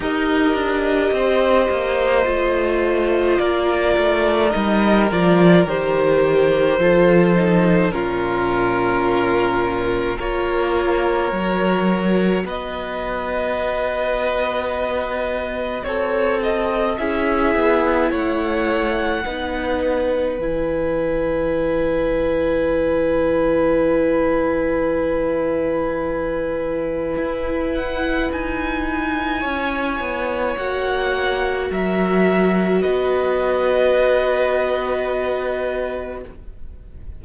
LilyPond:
<<
  \new Staff \with { instrumentName = "violin" } { \time 4/4 \tempo 4 = 53 dis''2. d''4 | dis''8 d''8 c''2 ais'4~ | ais'4 cis''2 dis''4~ | dis''2 cis''8 dis''8 e''4 |
fis''2 gis''2~ | gis''1~ | gis''8 fis''8 gis''2 fis''4 | e''4 dis''2. | }
  \new Staff \with { instrumentName = "violin" } { \time 4/4 ais'4 c''2 ais'4~ | ais'2 a'4 f'4~ | f'4 ais'2 b'4~ | b'2 a'4 gis'4 |
cis''4 b'2.~ | b'1~ | b'2 cis''2 | ais'4 b'2. | }
  \new Staff \with { instrumentName = "viola" } { \time 4/4 g'2 f'2 | dis'8 f'8 g'4 f'8 dis'8 cis'4~ | cis'4 f'4 fis'2~ | fis'2. e'4~ |
e'4 dis'4 e'2~ | e'1~ | e'2. fis'4~ | fis'1 | }
  \new Staff \with { instrumentName = "cello" } { \time 4/4 dis'8 d'8 c'8 ais8 a4 ais8 a8 | g8 f8 dis4 f4 ais,4~ | ais,4 ais4 fis4 b4~ | b2 c'4 cis'8 b8 |
a4 b4 e2~ | e1 | e'4 dis'4 cis'8 b8 ais4 | fis4 b2. | }
>>